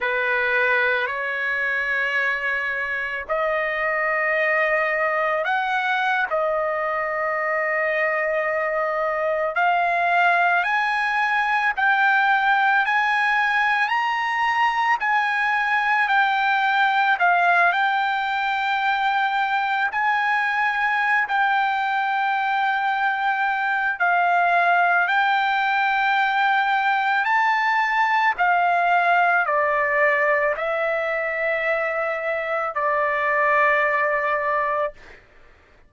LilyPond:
\new Staff \with { instrumentName = "trumpet" } { \time 4/4 \tempo 4 = 55 b'4 cis''2 dis''4~ | dis''4 fis''8. dis''2~ dis''16~ | dis''8. f''4 gis''4 g''4 gis''16~ | gis''8. ais''4 gis''4 g''4 f''16~ |
f''16 g''2 gis''4~ gis''16 g''8~ | g''2 f''4 g''4~ | g''4 a''4 f''4 d''4 | e''2 d''2 | }